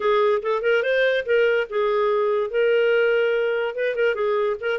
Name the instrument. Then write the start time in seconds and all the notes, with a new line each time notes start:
clarinet
0.00 G#4
0.42 A4
0.62 A#4
0.83 C5
1.25 A#4
1.69 G#4
2.50 A#4
3.75 B4
3.95 A#4
4.14 G#4
4.60 A#4